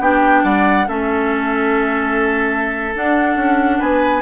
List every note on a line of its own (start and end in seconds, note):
0.00 0.43 B3
0.00 0.87 D4
0.00 0.44 G4
0.00 0.45 G5
0.44 0.87 G3
0.44 0.87 D5
0.44 0.88 F#5
0.87 2.95 A3
0.87 2.94 C#4
0.87 3.78 A4
0.87 2.95 E5
2.95 4.22 D4
2.95 3.36 D4
2.95 3.81 F#5
3.36 3.80 C#4
3.78 4.22 B3
3.78 4.22 B4
3.78 4.22 G#5